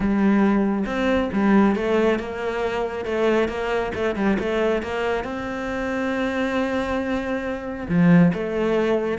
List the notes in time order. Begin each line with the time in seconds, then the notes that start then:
0.00 G3
0.86 C4
1.33 G3
1.75 A3
2.19 A#3
3.05 A3
3.48 A#3
3.94 A3
4.15 G3
4.39 A3
4.82 A#3
5.24 C4
7.88 F3
8.33 A3